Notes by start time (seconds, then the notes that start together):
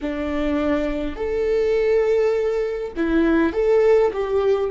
0.01 D4
1.16 A4
2.96 E4
3.52 A4
4.13 G4